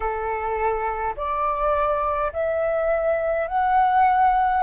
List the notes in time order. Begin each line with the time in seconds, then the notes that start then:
0.00 A4
1.16 D5
2.32 E5
3.47 F#5